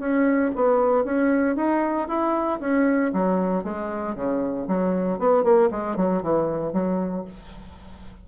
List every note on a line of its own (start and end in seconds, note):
0.00 0.52 C#4
0.56 1.05 B3
1.05 1.57 C#4
1.57 2.08 D#4
2.08 2.60 E4
2.61 3.12 C#4
3.13 3.64 F#3
3.64 4.15 G#3
4.15 4.67 C#3
4.68 5.19 F#3
5.19 5.44 B3
5.44 5.70 A#3
5.71 5.97 G#3
5.97 6.23 F#3
6.23 6.73 E3
6.73 7.25 F#3